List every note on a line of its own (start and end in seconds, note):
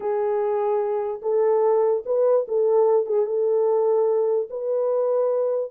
0.00 1.21 G#4
1.22 2.03 A4
2.05 2.46 B4
2.47 3.06 A4
3.06 3.26 G#4
3.26 4.48 A4
4.50 5.71 B4